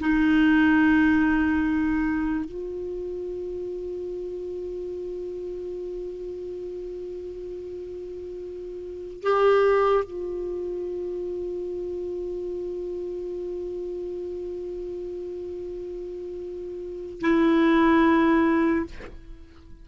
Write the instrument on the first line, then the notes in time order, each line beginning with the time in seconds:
clarinet
0.00 D#4
2.45 F4
9.23 G4
10.04 F4
17.21 E4